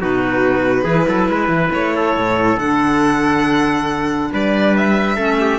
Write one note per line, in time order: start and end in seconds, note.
0.00 0.84 B2
0.00 0.86 D#4
0.00 0.83 F#4
0.00 1.73 B4
0.83 1.06 E3
0.83 2.59 E4
0.83 1.05 G#4
1.08 1.29 F#3
1.08 1.30 A4
1.29 1.49 G#3
1.29 1.96 B4
1.49 1.70 E3
1.73 2.17 A3
1.73 2.59 C#5
1.96 4.33 A4
2.17 2.58 A2
2.58 4.30 D3
2.58 5.18 D4
2.58 4.32 F#5
4.33 5.17 G3
4.33 5.16 B4
4.33 4.77 D5
4.77 5.60 E5
5.16 5.60 A3
5.16 5.60 C#4
5.16 5.38 A4
5.41 5.60 G4